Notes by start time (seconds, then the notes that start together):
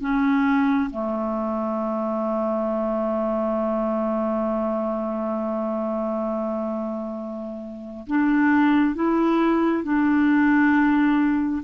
0.00 C#4
0.90 A3
8.07 D4
8.95 E4
9.83 D4